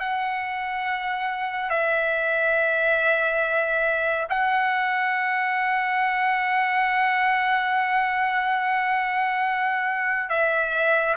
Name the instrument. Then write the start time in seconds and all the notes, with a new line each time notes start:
trumpet
0.00 F#5
1.70 E5
4.29 F#5
10.29 E5